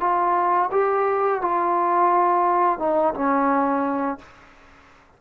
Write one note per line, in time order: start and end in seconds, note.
0.00 0.70 F4
0.71 1.41 G4
1.41 2.79 F4
2.79 3.14 D#4
3.14 4.19 C#4